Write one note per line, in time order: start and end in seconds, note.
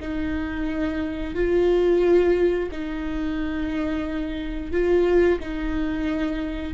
0.00 1.35 D#4
1.35 2.70 F4
2.72 4.72 D#4
4.72 5.39 F4
5.40 6.74 D#4